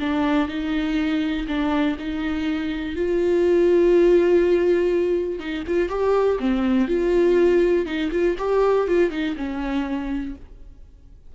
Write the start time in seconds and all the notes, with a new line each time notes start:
0.00 D4
0.48 D#4
1.48 D4
1.99 D#4
2.96 F4
5.39 D#4
5.67 F4
5.89 G4
6.40 C4
6.88 F4
7.86 D#4
8.12 F4
8.38 G4
8.87 F4
9.11 D#4
9.36 C#4